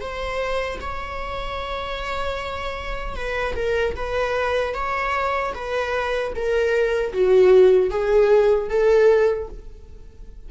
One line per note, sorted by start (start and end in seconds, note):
0.00 0.79 C5
0.81 3.15 C#5
3.15 3.55 B4
3.56 3.95 A#4
3.95 4.74 B4
4.74 5.53 C#5
5.54 6.33 B4
6.35 7.12 A#4
7.12 7.90 F#4
7.90 8.69 G#4
8.69 9.48 A4